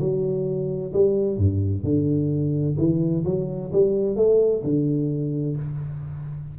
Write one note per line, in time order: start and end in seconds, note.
0.00 0.93 F#3
0.94 1.38 G3
1.38 1.84 G2
1.84 2.77 D3
2.78 3.25 E3
3.26 3.72 F#3
3.73 4.16 G3
4.16 4.63 A3
4.64 5.57 D3